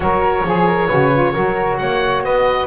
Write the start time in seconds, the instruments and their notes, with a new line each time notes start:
0.00 double bass F#3, saxophone F#4, flute A#4, oboe C#5
0.44 double bass F3, saxophone G#4, flute G#4
0.66 flute A#4
0.87 double bass C#3, saxophone F#4, flute B4
1.13 saxophone F4
1.33 double bass F#3, saxophone F#4, flute A#4
1.77 double bass A#3, flute C#5, oboe F#5
2.24 double bass B3, flute B4, oboe D#5